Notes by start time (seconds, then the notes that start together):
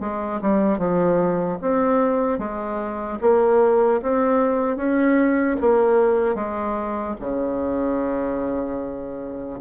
0.00 G#3
0.41 G3
0.78 F3
1.61 C4
2.39 G#3
3.21 A#3
4.02 C4
4.76 C#4
5.60 A#3
6.35 G#3
7.20 C#3